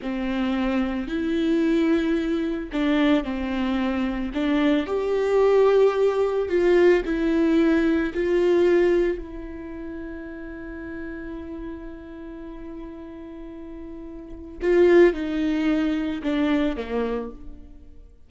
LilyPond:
\new Staff \with { instrumentName = "viola" } { \time 4/4 \tempo 4 = 111 c'2 e'2~ | e'4 d'4 c'2 | d'4 g'2. | f'4 e'2 f'4~ |
f'4 e'2.~ | e'1~ | e'2. f'4 | dis'2 d'4 ais4 | }